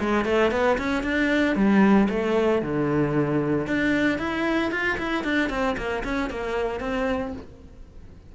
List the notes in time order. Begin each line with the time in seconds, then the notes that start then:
0.00 G#3
0.25 A3
0.52 B3
0.78 C#4
1.04 D4
1.56 G3
2.10 A3
2.62 D3
3.67 D4
4.19 E4
4.72 F4
4.98 E4
5.24 D4
5.50 C4
5.77 A#3
6.04 C#4
6.30 A#3
6.80 C4